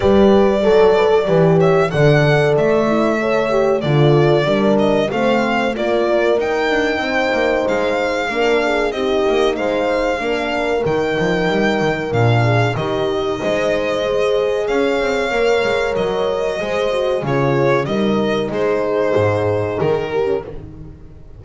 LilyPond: <<
  \new Staff \with { instrumentName = "violin" } { \time 4/4 \tempo 4 = 94 d''2~ d''8 e''8 fis''4 | e''2 d''4. dis''8 | f''4 d''4 g''2 | f''2 dis''4 f''4~ |
f''4 g''2 f''4 | dis''2. f''4~ | f''4 dis''2 cis''4 | dis''4 c''2 ais'4 | }
  \new Staff \with { instrumentName = "horn" } { \time 4/4 b'4 a'8 b'16 a'16 b'8 cis''8 d''4~ | d''4 cis''4 a'4 ais'4 | c''4 ais'2 c''4~ | c''4 ais'8 gis'8 g'4 c''4 |
ais'2.~ ais'8 gis'8 | g'4 c''2 cis''4~ | cis''2 c''4 gis'4 | ais'4 gis'2~ gis'8 g'8 | }
  \new Staff \with { instrumentName = "horn" } { \time 4/4 g'4 a'4 g'4 a'4~ | a'8 e'8 a'8 g'8 f'4 d'4 | c'4 f'4 dis'2~ | dis'4 d'4 dis'2 |
d'4 dis'2 d'4 | dis'2 gis'2 | ais'2 gis'8 fis'8 f'4 | dis'2.~ dis'8. cis'16 | }
  \new Staff \with { instrumentName = "double bass" } { \time 4/4 g4 fis4 e4 d4 | a2 d4 g4 | a4 ais4 dis'8 d'8 c'8 ais8 | gis4 ais4 c'8 ais8 gis4 |
ais4 dis8 f8 g8 dis8 ais,4 | dis4 gis2 cis'8 c'8 | ais8 gis8 fis4 gis4 cis4 | g4 gis4 gis,4 dis4 | }
>>